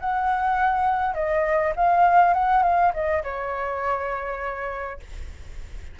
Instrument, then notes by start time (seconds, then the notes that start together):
flute
0.00 F#5
1.14 D#5
1.76 F5
2.34 F#5
2.63 F5
2.93 D#5
3.23 C#5